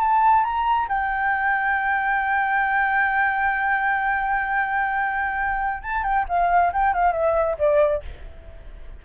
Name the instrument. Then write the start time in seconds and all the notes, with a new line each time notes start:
flute
0.00 A5
0.44 A#5
0.88 G5
5.83 A5
6.03 G5
6.28 F5
6.73 G5
6.93 F5
7.12 E5
7.58 D5